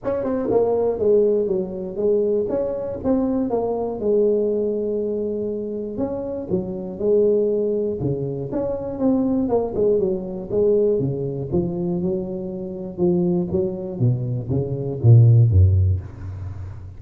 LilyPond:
\new Staff \with { instrumentName = "tuba" } { \time 4/4 \tempo 4 = 120 cis'8 c'8 ais4 gis4 fis4 | gis4 cis'4 c'4 ais4 | gis1 | cis'4 fis4 gis2 |
cis4 cis'4 c'4 ais8 gis8 | fis4 gis4 cis4 f4 | fis2 f4 fis4 | b,4 cis4 ais,4 fis,4 | }